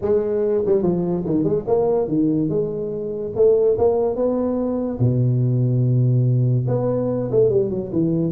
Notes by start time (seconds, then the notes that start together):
0.01 G#3
0.66 G3
0.82 F3
1.25 D#3
1.44 G#3
1.67 A#3
2.08 D#3
2.49 G#3
3.35 A3
3.78 A#3
4.15 B3
4.99 B2
6.67 B3
7.31 A3
7.49 G3
7.70 F#3
7.92 E3